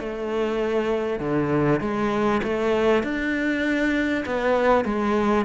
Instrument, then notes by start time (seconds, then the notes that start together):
cello
0.00 A3
1.20 D3
1.81 G#3
2.44 A3
3.04 D4
4.26 B3
4.85 G#3